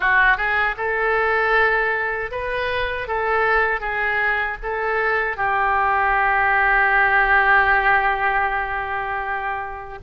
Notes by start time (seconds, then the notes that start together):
0.00 F#4
0.37 G#4
0.77 A4
2.31 B4
3.07 A4
3.80 G#4
4.63 A4
5.37 G4